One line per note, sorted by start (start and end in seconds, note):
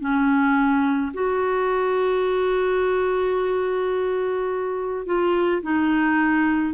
0.00 1.12 C#4
1.13 5.06 F#4
5.06 5.62 F4
5.62 6.74 D#4